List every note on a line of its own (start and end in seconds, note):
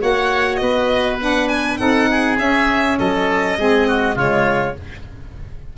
0.00 0.62 A#3
0.00 1.19 F#4
0.00 0.61 C#5
0.00 0.56 F#5
0.56 1.80 B3
0.56 1.16 D#5
0.62 1.80 B4
1.20 1.79 D4
1.20 1.49 F#5
1.49 1.78 G#5
1.78 2.39 C4
1.78 2.38 D#4
1.78 2.10 A4
1.78 2.37 F#5
2.11 2.99 G#4
2.39 3.58 C#4
2.39 2.99 C#4
2.39 2.99 E5
2.99 3.58 F#3
2.99 3.58 A4
2.99 4.18 D#5
3.58 4.16 G#3
3.58 4.16 C4
3.58 3.88 G#4
3.88 4.15 F#4
4.15 4.75 C#3
4.15 4.76 G#3
4.15 4.75 F4
4.15 4.78 C#5